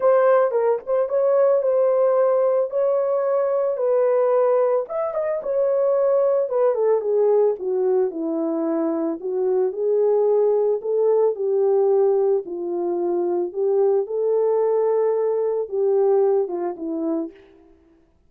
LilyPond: \new Staff \with { instrumentName = "horn" } { \time 4/4 \tempo 4 = 111 c''4 ais'8 c''8 cis''4 c''4~ | c''4 cis''2 b'4~ | b'4 e''8 dis''8 cis''2 | b'8 a'8 gis'4 fis'4 e'4~ |
e'4 fis'4 gis'2 | a'4 g'2 f'4~ | f'4 g'4 a'2~ | a'4 g'4. f'8 e'4 | }